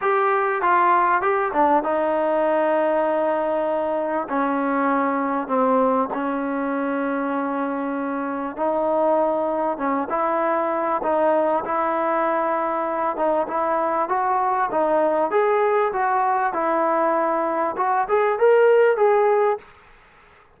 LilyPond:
\new Staff \with { instrumentName = "trombone" } { \time 4/4 \tempo 4 = 98 g'4 f'4 g'8 d'8 dis'4~ | dis'2. cis'4~ | cis'4 c'4 cis'2~ | cis'2 dis'2 |
cis'8 e'4. dis'4 e'4~ | e'4. dis'8 e'4 fis'4 | dis'4 gis'4 fis'4 e'4~ | e'4 fis'8 gis'8 ais'4 gis'4 | }